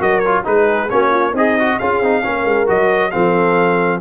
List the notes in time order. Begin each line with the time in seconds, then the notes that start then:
0.00 F#3 F#4 A#4 D#5
0.19 C#5
0.26 F4
0.44 G#3 D#4 G#4 B4
0.89 A#3 C#4 F#4 C#5
1.11 F4
1.31 C4 D#4 G#4
1.38 D#5
1.59 F#4
1.79 C#4 F4 G#4 F5
2.01 C4 D#4
2.23 A#3 C#4 A#4
2.45 G#3
2.67 F#3 F#4 D#5
3.11 F3 C4 A4 F5